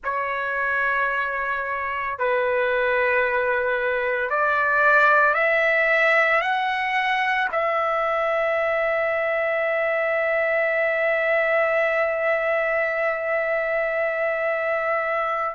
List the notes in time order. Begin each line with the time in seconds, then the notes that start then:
0.03 C#5
2.18 B4
4.30 D5
5.34 E5
6.41 F#5
7.52 E5